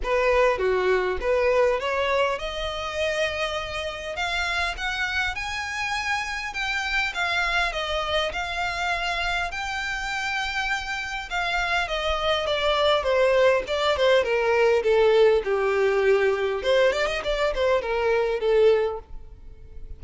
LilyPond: \new Staff \with { instrumentName = "violin" } { \time 4/4 \tempo 4 = 101 b'4 fis'4 b'4 cis''4 | dis''2. f''4 | fis''4 gis''2 g''4 | f''4 dis''4 f''2 |
g''2. f''4 | dis''4 d''4 c''4 d''8 c''8 | ais'4 a'4 g'2 | c''8 d''16 dis''16 d''8 c''8 ais'4 a'4 | }